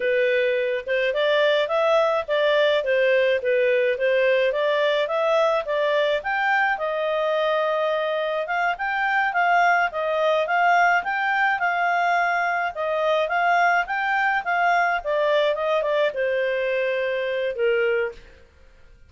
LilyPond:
\new Staff \with { instrumentName = "clarinet" } { \time 4/4 \tempo 4 = 106 b'4. c''8 d''4 e''4 | d''4 c''4 b'4 c''4 | d''4 e''4 d''4 g''4 | dis''2. f''8 g''8~ |
g''8 f''4 dis''4 f''4 g''8~ | g''8 f''2 dis''4 f''8~ | f''8 g''4 f''4 d''4 dis''8 | d''8 c''2~ c''8 ais'4 | }